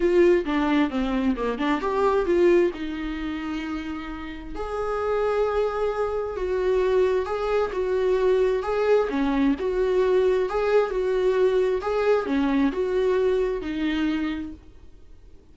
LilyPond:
\new Staff \with { instrumentName = "viola" } { \time 4/4 \tempo 4 = 132 f'4 d'4 c'4 ais8 d'8 | g'4 f'4 dis'2~ | dis'2 gis'2~ | gis'2 fis'2 |
gis'4 fis'2 gis'4 | cis'4 fis'2 gis'4 | fis'2 gis'4 cis'4 | fis'2 dis'2 | }